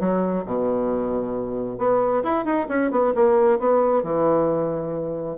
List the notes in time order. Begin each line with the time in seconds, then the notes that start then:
0.00 F#3
0.46 B2
1.78 B3
2.23 E4
2.45 D#4
2.69 C#4
2.91 B3
3.15 A#3
3.59 B3
4.03 E3